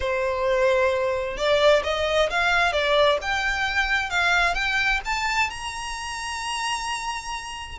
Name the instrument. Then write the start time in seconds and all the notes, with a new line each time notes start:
violin
0.00 C5
1.37 D5
1.83 D#5
2.29 F5
2.72 D5
3.21 G5
4.10 F5
4.54 G5
5.05 A5
5.50 A#5